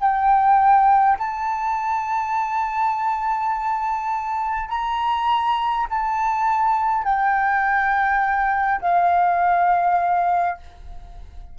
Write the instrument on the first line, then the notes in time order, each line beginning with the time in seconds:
flute
0.00 G5
1.19 A5
4.70 A#5
5.90 A5
7.04 G5
8.81 F5